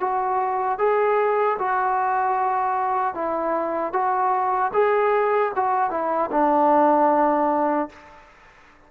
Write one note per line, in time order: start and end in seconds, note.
0.00 0.79 F#4
0.79 1.58 G#4
1.59 3.15 F#4
3.15 3.93 E4
3.93 4.72 F#4
4.73 5.52 G#4
5.56 5.91 F#4
5.91 6.30 E4
6.31 7.89 D4